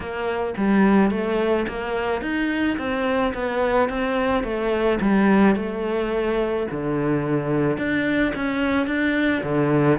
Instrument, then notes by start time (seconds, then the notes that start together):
cello
0.00 A#3
0.57 G3
1.10 A3
1.68 A#3
2.21 D#4
2.78 C4
3.34 B3
3.89 C4
4.43 A3
5.01 G3
5.55 A3
6.71 D3
7.77 D4
8.35 C#4
8.86 D4
9.43 D3